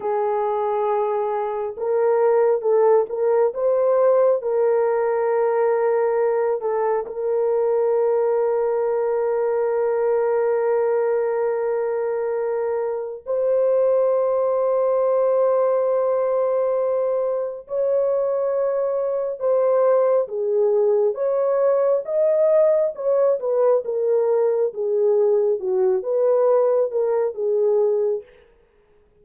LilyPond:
\new Staff \with { instrumentName = "horn" } { \time 4/4 \tempo 4 = 68 gis'2 ais'4 a'8 ais'8 | c''4 ais'2~ ais'8 a'8 | ais'1~ | ais'2. c''4~ |
c''1 | cis''2 c''4 gis'4 | cis''4 dis''4 cis''8 b'8 ais'4 | gis'4 fis'8 b'4 ais'8 gis'4 | }